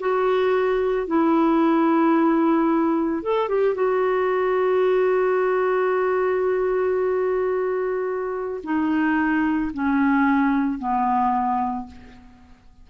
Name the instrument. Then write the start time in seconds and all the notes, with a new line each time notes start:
clarinet
0.00 F#4
1.07 E4
3.23 A4
3.49 G4
3.75 F#4
8.64 D#4
9.74 C#4
10.79 B3